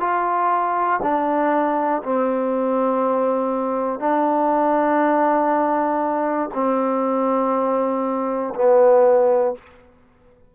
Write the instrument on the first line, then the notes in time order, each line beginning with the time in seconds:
trombone
0.00 F4
1.02 D4
2.03 C4
4.00 D4
6.54 C4
8.55 B3